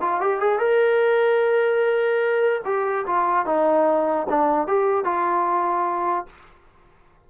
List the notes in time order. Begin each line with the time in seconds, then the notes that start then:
0.00 F4
0.20 G4
0.40 G#4
0.59 A#4
2.65 G4
3.06 F4
3.46 D#4
4.29 D4
4.67 G4
5.04 F4